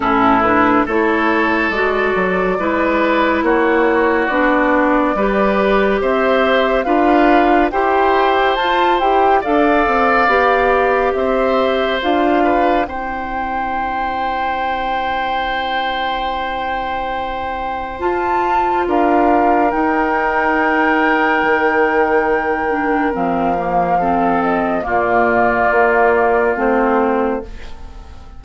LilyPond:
<<
  \new Staff \with { instrumentName = "flute" } { \time 4/4 \tempo 4 = 70 a'8 b'8 cis''4 d''2 | cis''4 d''2 e''4 | f''4 g''4 a''8 g''8 f''4~ | f''4 e''4 f''4 g''4~ |
g''1~ | g''4 a''4 f''4 g''4~ | g''2. f''4~ | f''8 dis''8 d''2 c''4 | }
  \new Staff \with { instrumentName = "oboe" } { \time 4/4 e'4 a'2 b'4 | fis'2 b'4 c''4 | b'4 c''2 d''4~ | d''4 c''4. b'8 c''4~ |
c''1~ | c''2 ais'2~ | ais'1 | a'4 f'2. | }
  \new Staff \with { instrumentName = "clarinet" } { \time 4/4 cis'8 d'8 e'4 fis'4 e'4~ | e'4 d'4 g'2 | f'4 g'4 f'8 g'8 a'4 | g'2 f'4 e'4~ |
e'1~ | e'4 f'2 dis'4~ | dis'2~ dis'8 d'8 c'8 ais8 | c'4 ais2 c'4 | }
  \new Staff \with { instrumentName = "bassoon" } { \time 4/4 a,4 a4 gis8 fis8 gis4 | ais4 b4 g4 c'4 | d'4 e'4 f'8 e'8 d'8 c'8 | b4 c'4 d'4 c'4~ |
c'1~ | c'4 f'4 d'4 dis'4~ | dis'4 dis2 f4~ | f4 ais,4 ais4 a4 | }
>>